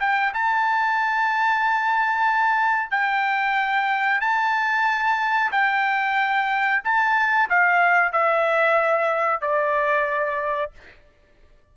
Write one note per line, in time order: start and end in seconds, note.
0.00 0.33 G5
0.33 2.91 A5
2.91 4.20 G5
4.20 5.51 A5
5.51 6.82 G5
6.84 7.49 A5
7.49 8.12 F5
8.12 9.41 E5
9.41 10.71 D5